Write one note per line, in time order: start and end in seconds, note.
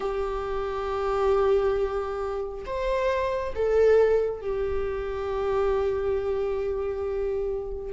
0.00 2.64 G4
2.66 3.54 C5
3.55 4.41 A4
4.41 7.92 G4